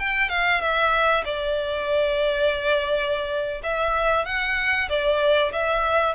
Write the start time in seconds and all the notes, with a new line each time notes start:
0.00 G5
0.30 F5
0.61 E5
1.25 D5
3.64 E5
4.26 F#5
4.89 D5
5.53 E5